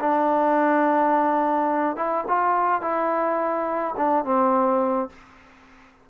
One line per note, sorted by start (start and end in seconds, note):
0.00 1.96 D4
1.96 2.25 E4
2.28 2.82 F4
2.82 3.95 E4
3.97 4.25 D4
4.25 5.09 C4